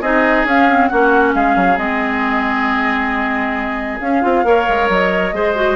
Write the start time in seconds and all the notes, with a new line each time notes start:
0.00 C4 D#4 G#4 D#5
0.44 C#4 F5
0.69 C4
0.87 A#3 C#4 F#4 F#5
1.34 G#3 G#4 F5
1.55 F#3
1.77 G#3 C4 D#5
4.00 C#4 F5
4.21 C4 F4
4.44 A#3 A#4 C#5
4.68 G#3
4.89 F#3 D#5
5.32 G#3 G#4 C5
5.55 F#4